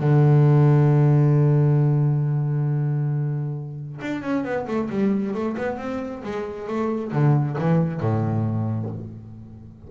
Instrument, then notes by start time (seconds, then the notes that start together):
double bass
0.00 D3
4.02 D4
4.23 C#4
4.44 B3
4.68 A3
4.90 G3
5.35 A3
5.58 B3
5.78 C4
6.24 G#3
6.68 A3
7.13 D3
7.59 E3
8.01 A2